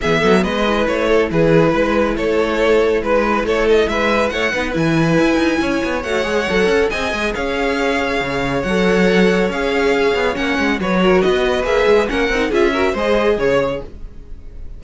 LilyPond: <<
  \new Staff \with { instrumentName = "violin" } { \time 4/4 \tempo 4 = 139 e''4 dis''4 cis''4 b'4~ | b'4 cis''2 b'4 | cis''8 dis''8 e''4 fis''4 gis''4~ | gis''2 fis''2 |
gis''4 f''2. | fis''2 f''2 | fis''4 cis''4 dis''4 e''4 | fis''4 e''4 dis''4 cis''4 | }
  \new Staff \with { instrumentName = "violin" } { \time 4/4 gis'8 a'8 b'4. a'8 gis'4 | b'4 a'2 b'4 | a'4 b'4 cis''8 b'4.~ | b'4 cis''2. |
dis''4 cis''2.~ | cis''1~ | cis''4 b'8 ais'8 b'2 | ais'4 gis'8 ais'8 c''4 cis''4 | }
  \new Staff \with { instrumentName = "viola" } { \time 4/4 b4. e'2~ e'8~ | e'1~ | e'2~ e'8 dis'8 e'4~ | e'2 fis'8 gis'8 a'4 |
gis'1 | a'2 gis'2 | cis'4 fis'2 gis'4 | cis'8 dis'8 f'8 fis'8 gis'2 | }
  \new Staff \with { instrumentName = "cello" } { \time 4/4 e8 fis8 gis4 a4 e4 | gis4 a2 gis4 | a4 gis4 a8 b8 e4 | e'8 dis'8 cis'8 b8 a8 gis8 fis8 cis'8 |
c'8 gis8 cis'2 cis4 | fis2 cis'4. b8 | ais8 gis8 fis4 b4 ais8 gis8 | ais8 c'8 cis'4 gis4 cis4 | }
>>